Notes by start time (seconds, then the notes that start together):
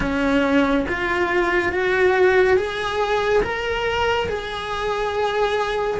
0.00 C#4
0.88 F4
1.72 F#4
2.56 G#4
3.42 A#4
4.28 G#4